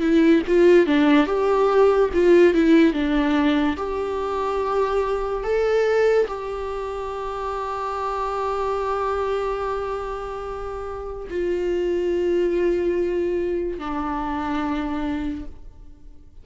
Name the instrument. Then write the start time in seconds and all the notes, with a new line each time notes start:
viola
0.00 E4
0.47 F4
0.86 D4
1.26 G4
2.13 F4
2.53 E4
2.93 D4
3.77 G4
5.43 A4
6.27 G4
11.30 F4
13.78 D4